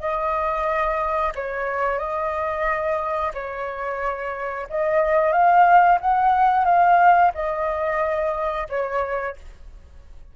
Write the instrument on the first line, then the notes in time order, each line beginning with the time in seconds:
flute
0.00 D#5
1.36 C#5
1.99 D#5
3.35 C#5
4.70 D#5
5.33 F5
6.02 F#5
6.65 F5
7.35 D#5
8.70 C#5